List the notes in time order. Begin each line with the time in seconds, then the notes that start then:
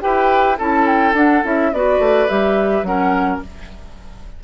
0.00 E4 G4 B4 G5
0.58 C#4 E4 A4 A5
0.86 G5
1.13 D4 F#5
1.44 C#4 E4 E5
1.73 B3 F#4 B4 D5
1.99 A3
2.28 G3 G4 E5
2.82 F#3 C#4 A#4 F#5